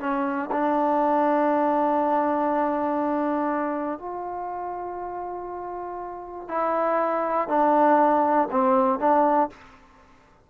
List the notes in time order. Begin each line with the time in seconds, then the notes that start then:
0.00 C#4
0.52 D4
4.00 F4
6.48 E4
7.48 D4
8.51 C4
9.00 D4